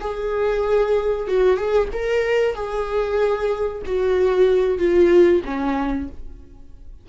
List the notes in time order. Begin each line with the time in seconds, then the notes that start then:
0.00 G#4
1.27 F#4
1.56 G#4
1.93 A#4
2.54 G#4
3.86 F#4
4.78 F4
5.45 C#4